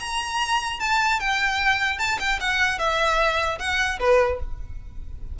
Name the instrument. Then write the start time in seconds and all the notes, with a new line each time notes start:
violin
0.00 A#5
0.80 A5
1.20 G5
1.99 A5
2.19 G5
2.41 F#5
2.79 E5
3.59 F#5
3.99 B4